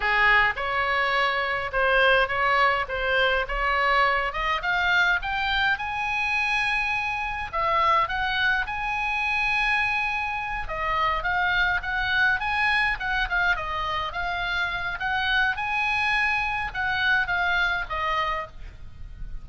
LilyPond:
\new Staff \with { instrumentName = "oboe" } { \time 4/4 \tempo 4 = 104 gis'4 cis''2 c''4 | cis''4 c''4 cis''4. dis''8 | f''4 g''4 gis''2~ | gis''4 e''4 fis''4 gis''4~ |
gis''2~ gis''8 dis''4 f''8~ | f''8 fis''4 gis''4 fis''8 f''8 dis''8~ | dis''8 f''4. fis''4 gis''4~ | gis''4 fis''4 f''4 dis''4 | }